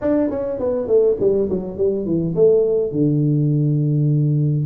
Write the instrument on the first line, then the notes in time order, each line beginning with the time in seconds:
tuba
0.01 D4
0.30 C#4
0.59 B3
0.87 A3
1.19 G3
1.49 F#3
1.77 G3
2.05 E3
2.35 A3
2.91 D3